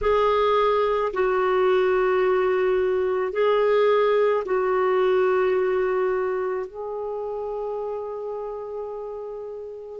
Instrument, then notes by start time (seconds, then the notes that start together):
clarinet
0.01 G#4
1.13 F#4
3.32 G#4
4.45 F#4
6.66 G#4